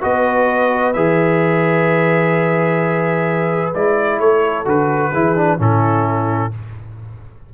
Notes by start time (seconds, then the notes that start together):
0.00 B3 F#4 B4 D#5
0.93 E3 G#4 E5
3.74 G#3 E4 D5
4.19 A3 A4 C#5
4.64 D3 F#4 B4
5.10 E3 E4 G#4
5.36 D4
5.58 A2 C#4 E4 A4